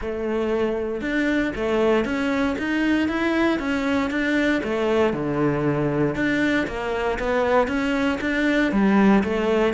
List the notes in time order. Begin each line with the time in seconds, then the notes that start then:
0.01 A3
1.01 D4
1.55 A3
2.04 C#4
2.58 D#4
3.08 E4
3.59 C#4
4.10 D4
4.63 A3
5.13 D3
6.15 D4
6.67 A#3
7.19 B3
7.67 C#4
8.21 D4
8.72 G3
9.23 A3